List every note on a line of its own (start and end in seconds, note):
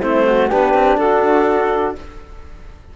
0.00 0.52 A3
0.00 0.49 C4
0.00 0.25 E4
0.00 0.49 C5
0.26 0.49 F#4
0.49 0.74 B3
0.49 1.96 D4
0.49 0.98 G4
0.49 0.98 B4
0.74 0.97 C4
0.97 1.95 D4
0.97 1.96 F#4
0.97 1.96 A4